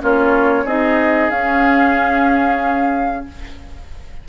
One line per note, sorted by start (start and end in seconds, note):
0.00 0.65 A#3
0.00 0.65 C#4
0.00 0.65 F4
0.00 0.67 C#5
0.65 1.30 C4
0.65 1.32 D#4
0.65 3.26 G#4
0.65 1.30 D#5
1.30 3.26 C#4
1.30 3.28 C#4
1.30 3.26 F5